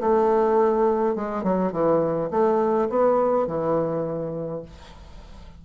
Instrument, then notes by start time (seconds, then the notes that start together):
bassoon
0.00 A3
1.15 G#3
1.43 F#3
1.72 E3
2.31 A3
2.89 B3
3.47 E3